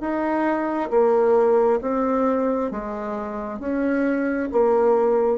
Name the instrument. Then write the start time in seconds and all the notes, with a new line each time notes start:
bassoon
0.00 D#4
0.90 A#3
1.81 C4
2.71 G#3
3.59 C#4
4.51 A#3